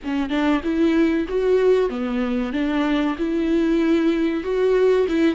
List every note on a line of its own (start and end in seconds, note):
0.03 0.29 C#4
0.29 0.61 D4
0.63 1.26 E4
1.28 1.89 F#4
1.89 2.52 B3
2.53 3.16 D4
3.18 4.43 E4
4.43 5.06 F#4
5.08 5.35 E4